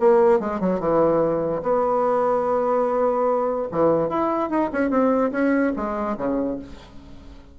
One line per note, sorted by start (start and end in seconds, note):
0.00 0.40 A#3
0.40 0.60 G#3
0.60 0.80 F#3
0.80 1.62 E3
1.63 3.68 B3
3.71 4.09 E3
4.09 4.50 E4
4.50 4.70 D#4
4.73 4.90 C#4
4.90 5.31 C4
5.31 5.72 C#4
5.76 6.17 G#3
6.18 6.59 C#3